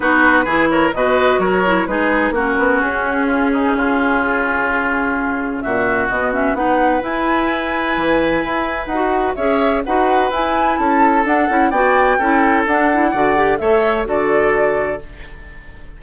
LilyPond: <<
  \new Staff \with { instrumentName = "flute" } { \time 4/4 \tempo 4 = 128 b'4. cis''8 dis''4 cis''4 | b'4 ais'4 gis'2~ | gis'1 | e''4 dis''8 e''8 fis''4 gis''4~ |
gis''2. fis''4 | e''4 fis''4 gis''4 a''4 | fis''4 g''2 fis''4~ | fis''4 e''4 d''2 | }
  \new Staff \with { instrumentName = "oboe" } { \time 4/4 fis'4 gis'8 ais'8 b'4 ais'4 | gis'4 fis'2 f'8 dis'8 | f'1 | fis'2 b'2~ |
b'1 | cis''4 b'2 a'4~ | a'4 d''4 a'2 | d''4 cis''4 a'2 | }
  \new Staff \with { instrumentName = "clarinet" } { \time 4/4 dis'4 e'4 fis'4. e'8 | dis'4 cis'2.~ | cis'1~ | cis'4 b8 cis'8 dis'4 e'4~ |
e'2. fis'4 | gis'4 fis'4 e'2 | d'8 e'8 fis'4 e'4 d'8 e'8 | fis'8 g'8 a'4 fis'2 | }
  \new Staff \with { instrumentName = "bassoon" } { \time 4/4 b4 e4 b,4 fis4 | gis4 ais8 b8 cis'2 | cis1 | ais,4 b,4 b4 e'4~ |
e'4 e4 e'4 dis'4 | cis'4 dis'4 e'4 cis'4 | d'8 cis'8 b4 cis'4 d'4 | d4 a4 d2 | }
>>